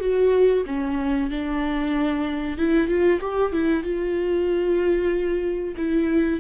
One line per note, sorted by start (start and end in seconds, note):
0.00 0.64 F#4
0.66 1.30 C#4
1.30 2.58 D4
2.58 2.88 E4
2.88 3.19 F4
3.21 3.52 G4
3.52 3.83 E4
3.83 5.74 F4
5.76 6.40 E4